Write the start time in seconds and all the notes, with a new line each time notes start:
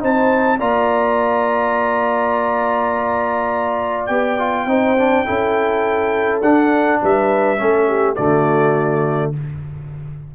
0.00 C4 D#4 C5 A5
0.58 A#3 F4 D5 A#5
4.06 B3 G4 G5
4.39 F4
4.66 C4 D#4 C5
4.98 D4
5.25 C#4 E4 A4
6.42 D4 F#5
7.02 G3 B4 E5
7.58 A3 C#4 A4
7.88 G4
8.16 D3 A3 F#4 D5